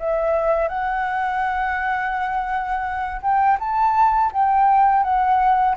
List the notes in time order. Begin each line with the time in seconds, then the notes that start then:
0.00 E5
0.69 F#5
3.22 G5
3.60 A5
4.33 G5
5.04 F#5